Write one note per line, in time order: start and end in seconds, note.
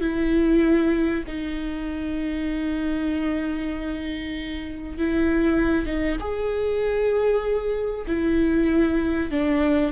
0.00 1.24 E4
1.26 4.97 D#4
4.98 5.86 E4
5.86 6.17 D#4
6.19 8.05 G#4
8.07 9.30 E4
9.30 9.92 D4